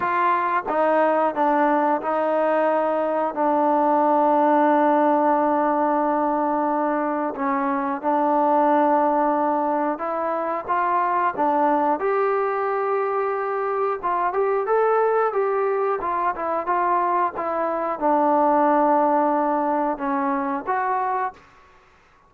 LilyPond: \new Staff \with { instrumentName = "trombone" } { \time 4/4 \tempo 4 = 90 f'4 dis'4 d'4 dis'4~ | dis'4 d'2.~ | d'2. cis'4 | d'2. e'4 |
f'4 d'4 g'2~ | g'4 f'8 g'8 a'4 g'4 | f'8 e'8 f'4 e'4 d'4~ | d'2 cis'4 fis'4 | }